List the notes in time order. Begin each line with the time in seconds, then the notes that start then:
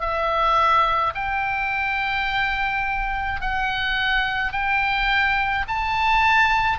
0.00 E5
1.14 G5
3.41 F#5
4.52 G5
5.68 A5